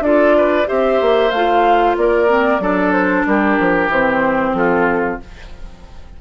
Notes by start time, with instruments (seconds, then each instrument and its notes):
0.00 bassoon D4, clarinet F4, oboe A4, flute D5
0.37 oboe B4
0.66 bassoon C4, clarinet G4, oboe C5, flute E5
1.01 bassoon A#3
1.31 bassoon A3, clarinet F4, flute F5
1.97 bassoon A#3, oboe A#4, flute D5
2.27 clarinet C4
2.59 bassoon F#3, clarinet D4, oboe A4
2.92 flute C5
3.26 bassoon G3, oboe G4, flute A#4
3.59 bassoon F3
3.88 bassoon E3, clarinet C4, flute C5
4.53 bassoon F3, oboe F4, flute A4